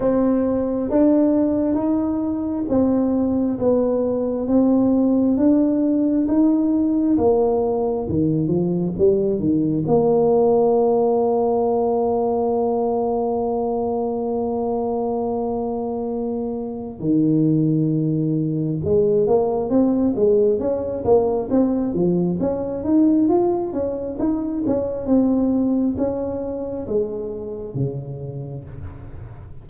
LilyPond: \new Staff \with { instrumentName = "tuba" } { \time 4/4 \tempo 4 = 67 c'4 d'4 dis'4 c'4 | b4 c'4 d'4 dis'4 | ais4 dis8 f8 g8 dis8 ais4~ | ais1~ |
ais2. dis4~ | dis4 gis8 ais8 c'8 gis8 cis'8 ais8 | c'8 f8 cis'8 dis'8 f'8 cis'8 dis'8 cis'8 | c'4 cis'4 gis4 cis4 | }